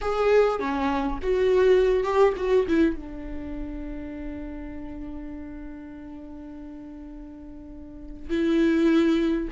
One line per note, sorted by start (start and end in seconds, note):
0.01 0.59 G#4
0.59 1.19 C#4
1.22 2.03 F#4
2.03 2.33 G4
2.36 2.66 F#4
2.68 2.96 E4
2.96 8.29 D4
8.29 9.48 E4